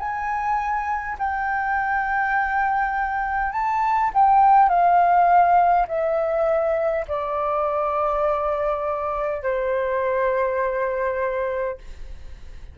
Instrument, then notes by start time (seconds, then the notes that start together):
flute
0.00 G#5
1.19 G5
3.52 A5
4.14 G5
4.70 F5
5.88 E5
7.08 D5
9.43 C5